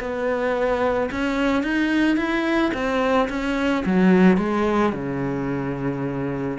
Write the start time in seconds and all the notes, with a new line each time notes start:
0.00 B3
1.11 C#4
1.63 D#4
2.17 E4
2.74 C4
3.29 C#4
3.86 F#3
4.38 G#3
4.93 C#3